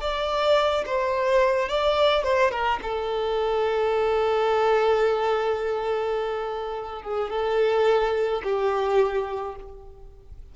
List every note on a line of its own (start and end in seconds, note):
0.00 0.84 D5
0.86 1.69 C5
1.69 2.23 D5
2.23 2.51 C5
2.51 2.79 A#4
2.82 7.02 A4
7.02 7.30 G#4
7.30 8.42 A4
8.43 9.56 G4